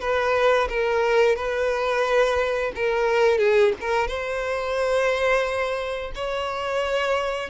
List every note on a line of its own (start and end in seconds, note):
0.00 0.68 B4
0.69 1.36 A#4
1.36 2.72 B4
2.76 3.38 A#4
3.38 3.73 G#4
3.81 4.08 A#4
4.08 6.12 C5
6.15 7.50 C#5